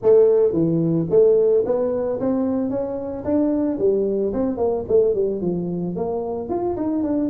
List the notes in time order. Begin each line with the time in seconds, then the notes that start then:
0.02 A3
0.52 E3
1.10 A3
1.65 B3
2.19 C4
2.70 C#4
3.24 D4
3.78 G3
4.33 C4
4.57 A#3
4.88 A3
5.14 G3
5.41 F3
5.95 A#3
6.49 F4
6.76 D#4
7.03 D4